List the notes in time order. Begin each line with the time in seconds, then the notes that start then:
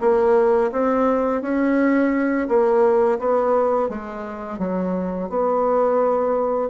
0.00 A#3
0.72 C4
1.42 C#4
2.48 A#3
3.19 B3
3.89 G#3
4.59 F#3
5.29 B3